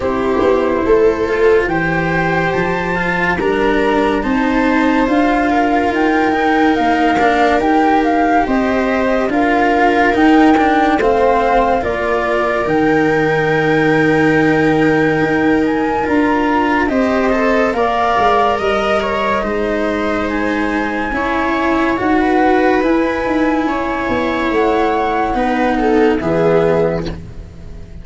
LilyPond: <<
  \new Staff \with { instrumentName = "flute" } { \time 4/4 \tempo 4 = 71 c''2 g''4 a''4 | ais''4 a''4 f''4 g''4 | f''4 g''8 f''8 dis''4 f''4 | g''4 f''4 d''4 g''4~ |
g''2~ g''8 gis''8 ais''4 | dis''4 f''4 dis''2 | gis''2 fis''4 gis''4~ | gis''4 fis''2 e''4 | }
  \new Staff \with { instrumentName = "viola" } { \time 4/4 g'4 a'4 c''2 | ais'4 c''4. ais'4.~ | ais'2 c''4 ais'4~ | ais'4 c''4 ais'2~ |
ais'1 | c''4 d''4 dis''8 cis''8 c''4~ | c''4 cis''4~ cis''16 b'4.~ b'16 | cis''2 b'8 a'8 gis'4 | }
  \new Staff \with { instrumentName = "cello" } { \time 4/4 e'4. f'8 g'4. f'8 | d'4 dis'4 f'4. dis'8~ | dis'8 d'8 g'2 f'4 | dis'8 d'8 c'4 f'4 dis'4~ |
dis'2. f'4 | g'8 a'8 ais'2 dis'4~ | dis'4 e'4 fis'4 e'4~ | e'2 dis'4 b4 | }
  \new Staff \with { instrumentName = "tuba" } { \time 4/4 c'8 b8 a4 e4 f4 | g4 c'4 d'4 dis'4 | ais4 dis'4 c'4 d'4 | dis'4 a4 ais4 dis4~ |
dis2 dis'4 d'4 | c'4 ais8 gis8 g4 gis4~ | gis4 cis'4 dis'4 e'8 dis'8 | cis'8 b8 a4 b4 e4 | }
>>